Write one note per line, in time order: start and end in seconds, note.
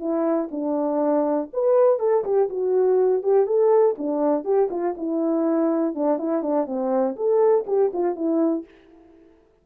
0.00 0.49 E4
0.51 1.50 D4
1.54 2.00 B4
2.00 2.24 A4
2.25 2.49 G4
2.49 3.23 F#4
3.23 3.47 G4
3.47 3.96 A4
3.98 4.45 D4
4.45 4.69 G4
4.71 4.95 F4
4.98 5.95 E4
5.95 6.19 D4
6.19 6.43 E4
6.43 6.67 D4
6.67 7.16 C4
7.16 7.65 A4
7.67 7.92 G4
7.93 8.16 F4
8.16 8.65 E4